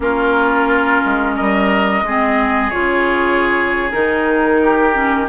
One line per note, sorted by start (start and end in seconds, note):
0.00 1.02 A#3
0.00 2.03 C#4
0.00 1.35 F4
0.00 1.36 A#4
1.05 1.39 G#3
1.35 2.02 G3
1.35 2.04 A#4
1.35 2.70 D#5
2.02 2.71 G#3
2.02 2.71 C4
2.02 4.61 G#4
2.70 3.93 C#3
2.70 3.90 F4
2.70 3.89 C#5
3.91 5.28 D#3
3.91 4.93 D#4
3.91 5.27 A#4
4.62 5.28 G4
4.93 5.27 C#4